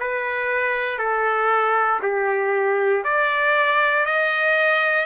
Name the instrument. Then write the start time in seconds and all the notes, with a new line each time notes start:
trumpet
0.00 B4
0.98 A4
2.02 G4
3.04 D5
4.05 D#5